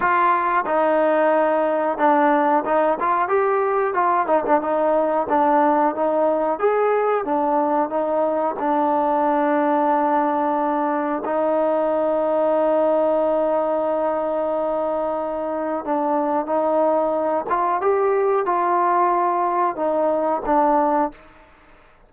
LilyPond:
\new Staff \with { instrumentName = "trombone" } { \time 4/4 \tempo 4 = 91 f'4 dis'2 d'4 | dis'8 f'8 g'4 f'8 dis'16 d'16 dis'4 | d'4 dis'4 gis'4 d'4 | dis'4 d'2.~ |
d'4 dis'2.~ | dis'1 | d'4 dis'4. f'8 g'4 | f'2 dis'4 d'4 | }